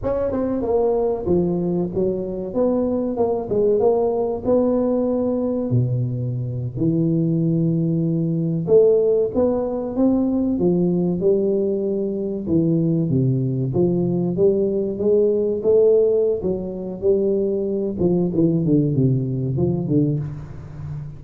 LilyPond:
\new Staff \with { instrumentName = "tuba" } { \time 4/4 \tempo 4 = 95 cis'8 c'8 ais4 f4 fis4 | b4 ais8 gis8 ais4 b4~ | b4 b,4.~ b,16 e4~ e16~ | e4.~ e16 a4 b4 c'16~ |
c'8. f4 g2 e16~ | e8. c4 f4 g4 gis16~ | gis8. a4~ a16 fis4 g4~ | g8 f8 e8 d8 c4 f8 d8 | }